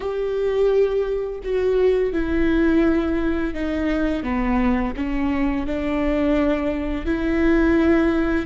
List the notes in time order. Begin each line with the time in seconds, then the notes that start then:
0.00 G4
1.43 F#4
2.12 E4
3.54 D#4
4.23 B3
4.96 C#4
5.66 D4
7.05 E4